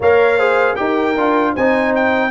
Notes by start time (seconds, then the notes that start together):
0.00 A#3 A#4 C#5 F5
0.36 G#4 C5
0.75 D#4 G4 A#4 G5
1.16 D4 F4
1.52 C4 C5 G#5
1.58 D#4
1.95 G5